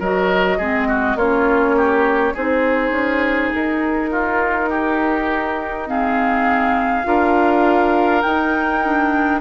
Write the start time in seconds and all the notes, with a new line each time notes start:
0.00 F#3 F#4 A#4 D#5
0.58 G#3 C4 G#4
0.88 F#4
1.16 A#3 C#4 F4 C#5
1.77 G4
2.34 C4 D#4 G#4 C5
2.91 C#4
3.54 D#4 A#4
4.11 F4
4.70 G4
5.87 C4 G#4 F5
7.04 D4 F4 A#4
8.22 D#4 G5
8.84 D4